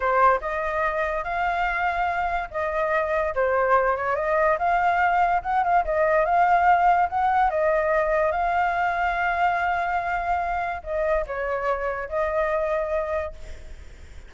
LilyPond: \new Staff \with { instrumentName = "flute" } { \time 4/4 \tempo 4 = 144 c''4 dis''2 f''4~ | f''2 dis''2 | c''4. cis''8 dis''4 f''4~ | f''4 fis''8 f''8 dis''4 f''4~ |
f''4 fis''4 dis''2 | f''1~ | f''2 dis''4 cis''4~ | cis''4 dis''2. | }